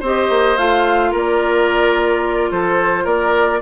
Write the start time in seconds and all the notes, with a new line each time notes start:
0.00 C4 G4 C5
0.06 D#5
0.30 A#3
0.58 A3 F4 F5
1.11 A#3 A#4
1.18 D5
2.51 F3 A4 C5
3.04 A#3 A#4 D5